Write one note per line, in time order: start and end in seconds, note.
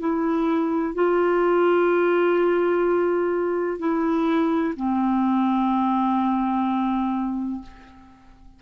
0.00 0.94 E4
0.94 3.79 F4
3.79 4.74 E4
4.76 7.62 C4